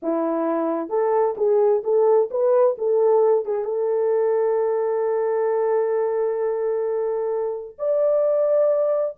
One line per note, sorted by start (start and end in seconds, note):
0.02 0.89 E4
0.89 1.35 A4
1.37 1.83 G#4
1.83 2.29 A4
2.30 2.76 B4
2.78 3.45 A4
3.45 3.64 G#4
3.64 7.76 A4
7.78 9.15 D5